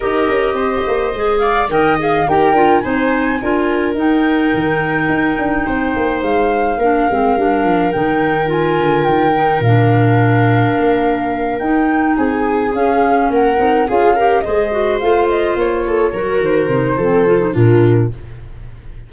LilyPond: <<
  \new Staff \with { instrumentName = "flute" } { \time 4/4 \tempo 4 = 106 dis''2~ dis''8 f''8 g''8 f''8 | g''4 gis''2 g''4~ | g''2. f''4~ | f''2 g''4 gis''4 |
g''4 f''2.~ | f''8 g''4 gis''4 f''4 fis''8~ | fis''8 f''4 dis''4 f''8 dis''8 cis''8~ | cis''4 c''2 ais'4 | }
  \new Staff \with { instrumentName = "viola" } { \time 4/4 ais'4 c''4. d''8 dis''4 | ais'4 c''4 ais'2~ | ais'2 c''2 | ais'1~ |
ais'1~ | ais'4. gis'2 ais'8~ | ais'8 gis'8 ais'8 c''2~ c''8 | a'8 ais'4. a'4 f'4 | }
  \new Staff \with { instrumentName = "clarinet" } { \time 4/4 g'2 gis'4 ais'8 gis'8 | g'8 f'8 dis'4 f'4 dis'4~ | dis'1 | d'8 c'8 d'4 dis'4 f'4~ |
f'8 dis'8 d'2.~ | d'8 dis'2 cis'4. | dis'8 f'8 g'8 gis'8 fis'8 f'4.~ | f'8 fis'4 dis'8 c'8 f'16 dis'16 d'4 | }
  \new Staff \with { instrumentName = "tuba" } { \time 4/4 dis'8 cis'8 c'8 ais8 gis4 dis4 | dis'8 d'8 c'4 d'4 dis'4 | dis4 dis'8 d'8 c'8 ais8 gis4 | ais8 gis8 g8 f8 dis4. d8 |
dis4 ais,2 ais4~ | ais8 dis'4 c'4 cis'4 ais8 | c'8 cis'4 gis4 a4 ais8~ | ais8 fis8 dis8 c8 f4 ais,4 | }
>>